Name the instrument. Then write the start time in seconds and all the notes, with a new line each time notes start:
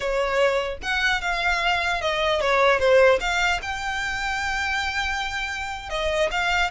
violin
0.00 C#5
0.82 F#5
1.21 F5
2.01 D#5
2.40 C#5
2.79 C5
3.20 F5
3.62 G5
5.89 D#5
6.31 F5